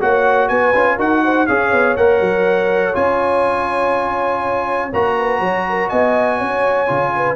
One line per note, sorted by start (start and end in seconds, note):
0.00 0.49 A#3
0.00 0.74 F#4
0.00 0.49 C#5
0.00 0.48 F#5
0.48 0.74 B3
0.48 0.96 B4
0.48 0.97 G#5
0.74 0.99 C#4
0.74 0.98 F4
0.96 1.48 D#4
0.96 1.47 F#4
0.96 1.21 A#4
0.96 1.46 F#5
1.24 1.47 C5
1.46 1.72 C#4
1.46 1.98 G#4
1.46 5.16 C#5
1.46 1.95 F5
1.72 1.96 B3
1.97 2.20 A#3
1.97 2.93 A#4
1.97 2.95 F#5
2.20 2.94 F#3
2.93 4.92 C#4
2.93 4.90 F4
2.93 4.92 G#5
4.93 5.40 A#3
4.93 6.87 F#4
4.93 5.89 A#5
5.18 5.40 B4
5.40 5.89 F#3
5.40 5.64 C#5
5.69 5.89 A#4
5.89 6.41 B3
5.89 6.37 D#5
5.89 7.35 G#5
6.37 6.90 C#4
6.37 7.11 C#5
6.87 7.35 C#3
6.87 7.35 F4
7.16 7.35 B4